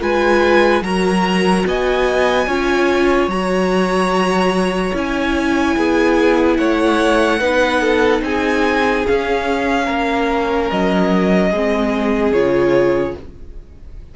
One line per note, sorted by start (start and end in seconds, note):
0.00 0.82 G#3
0.00 0.82 F4
0.00 0.83 B4
0.00 0.83 G#5
0.82 1.64 F#3
0.82 2.48 F#4
0.82 1.66 A#4
0.82 1.66 A#5
1.66 2.47 B3
1.66 2.47 D#5
1.66 3.30 G#5
2.47 3.28 C#4
2.47 3.30 F4
2.47 5.76 C#5
3.28 4.92 F#3
3.28 4.94 F#4
3.28 4.94 A#5
4.94 5.76 C#4
4.94 7.40 E4
4.94 6.57 G#5
5.76 6.59 B3
5.76 6.58 G#4
6.57 7.41 A3
6.57 7.40 C#5
6.57 8.21 F#5
7.40 8.22 B3
7.40 9.06 D#4
7.40 7.81 B4
7.81 8.22 A4
8.22 9.04 C4
8.22 9.85 G#4
8.22 9.06 G#5
9.06 11.53 C#4
9.06 9.88 C#4
9.06 10.70 F5
9.85 10.70 A#3
9.85 11.50 A#4
10.70 11.51 F#3
10.70 12.33 D#5
11.50 12.32 G#3
11.50 12.34 C4
11.50 13.15 G#4
12.32 13.14 C#3
12.32 13.16 F4
12.32 13.15 C#5